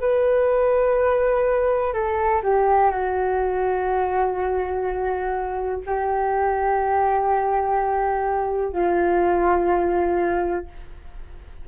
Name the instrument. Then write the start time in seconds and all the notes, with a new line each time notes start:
flute
0.00 B4
1.94 A4
2.43 G4
2.91 F#4
5.86 G4
8.73 F4